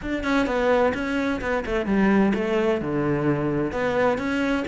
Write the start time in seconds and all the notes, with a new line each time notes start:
0.01 D4
0.23 C#4
0.46 B3
0.93 C#4
1.41 B3
1.65 A3
1.86 G3
2.34 A3
2.81 D3
3.71 B3
4.17 C#4